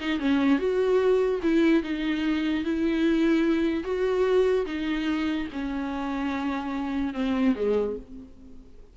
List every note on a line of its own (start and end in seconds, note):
0.00 0.20 D#4
0.20 0.59 C#4
0.59 1.40 F#4
1.43 1.83 E4
1.83 2.65 D#4
2.65 3.84 E4
3.84 4.66 F#4
4.66 5.48 D#4
5.53 7.14 C#4
7.14 7.55 C4
7.56 7.96 G#3